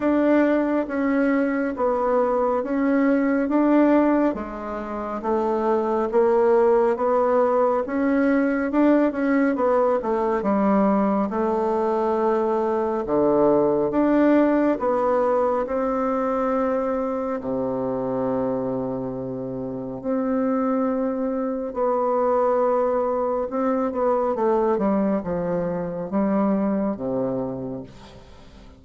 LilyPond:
\new Staff \with { instrumentName = "bassoon" } { \time 4/4 \tempo 4 = 69 d'4 cis'4 b4 cis'4 | d'4 gis4 a4 ais4 | b4 cis'4 d'8 cis'8 b8 a8 | g4 a2 d4 |
d'4 b4 c'2 | c2. c'4~ | c'4 b2 c'8 b8 | a8 g8 f4 g4 c4 | }